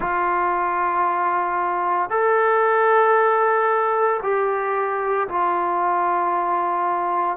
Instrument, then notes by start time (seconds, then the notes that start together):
trombone
0.00 F4
2.10 A4
4.22 G4
5.28 F4